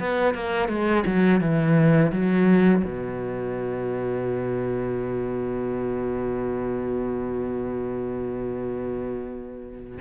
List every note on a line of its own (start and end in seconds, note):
0.00 0.35 B3
0.35 0.69 A#3
0.69 1.04 G#3
1.06 1.41 F#3
1.41 2.12 E3
2.12 2.84 F#3
2.84 9.99 B2